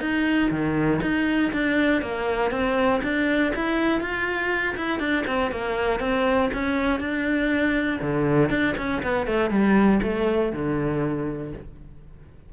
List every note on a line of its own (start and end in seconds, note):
0.00 0.50 D#4
0.50 1.00 D#3
1.01 1.51 D#4
1.52 2.01 D4
2.01 2.51 A#3
2.51 3.01 C4
3.03 3.53 D4
3.55 4.00 E4
4.00 4.75 F4
4.76 4.99 E4
4.99 5.24 D4
5.26 5.51 C4
5.51 6.00 A#3
6.00 6.50 C4
6.53 7.00 C#4
7.00 8.00 D4
8.02 8.50 D3
8.50 8.75 D4
8.77 9.02 C#4
9.02 9.26 B3
9.26 9.50 A3
9.50 10.00 G3
10.03 10.52 A3
10.52 11.52 D3